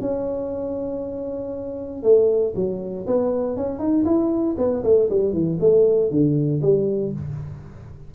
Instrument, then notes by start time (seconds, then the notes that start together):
tuba
0.00 C#4
2.02 A3
2.55 F#3
3.06 B3
3.56 C#4
3.78 D#4
4.04 E4
4.57 B3
4.83 A3
5.09 G3
5.33 E3
5.60 A3
6.10 D3
6.61 G3